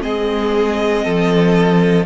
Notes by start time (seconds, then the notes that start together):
0.00 G#3 C4 G#4 D#5
1.04 F3 A4